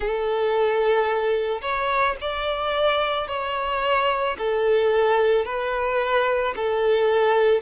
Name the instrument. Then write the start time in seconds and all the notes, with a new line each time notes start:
violin
0.00 A4
1.61 C#5
2.20 D5
3.27 C#5
4.38 A4
5.45 B4
6.56 A4